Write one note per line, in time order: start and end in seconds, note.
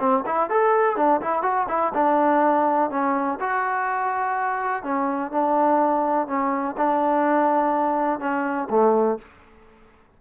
0.00 0.24 C4
0.26 0.50 E4
0.50 0.97 A4
0.97 1.21 D4
1.21 1.43 E4
1.43 1.67 F#4
1.69 1.93 E4
1.94 2.91 D4
2.91 3.39 C#4
3.40 4.84 F#4
4.84 5.32 C#4
5.32 6.28 D4
6.28 6.76 C#4
6.78 8.20 D4
8.20 8.69 C#4
8.70 9.19 A3